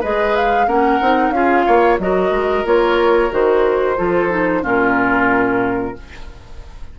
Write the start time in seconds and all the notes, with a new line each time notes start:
0.00 G#3 G#4 B4 D#5
0.36 F5
0.66 A#3 C#4 A#4 F#5
1.01 C4 D#4
1.30 C#4 F4 F5
1.36 G#4
1.66 A#3 C#5
1.98 F#3 F#4 A#4 D#5
2.30 G#3
2.65 A#3 F4 C#5
3.30 D#3 F#4 C5
3.96 F3 F4 A4
4.29 D#4
4.62 A#2 C#4 F4 A#4